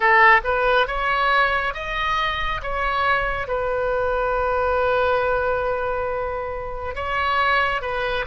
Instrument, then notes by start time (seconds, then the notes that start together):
oboe
0.00 A4
0.43 B4
0.87 C#5
1.74 D#5
2.62 C#5
3.47 B4
6.95 C#5
7.81 B4